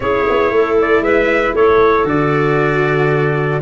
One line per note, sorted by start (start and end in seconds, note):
0.00 0.24 C#4
0.00 2.05 E4
0.00 0.53 G#4
0.00 0.77 C#5
0.29 0.50 B3
0.50 1.00 A3
0.50 1.03 A4
0.81 1.03 D5
1.00 1.52 G#3
1.00 1.55 B4
1.00 1.55 E5
1.54 2.04 A3
1.54 3.61 A4
1.54 2.07 C#5
2.04 3.59 D3
2.04 3.60 F#4
2.04 3.61 D5